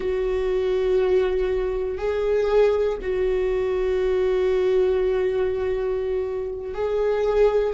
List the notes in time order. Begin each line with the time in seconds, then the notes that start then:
0.00 F#4
1.98 G#4
3.01 F#4
6.74 G#4